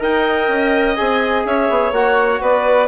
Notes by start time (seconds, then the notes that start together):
0.00 D#4 A#4 D#5 G5
0.49 C#4
0.96 C4 G#4 G#5
1.45 C#4 C#5 E5
1.70 B3
1.92 A#3 F#4 F#5
2.42 B3 B4 D5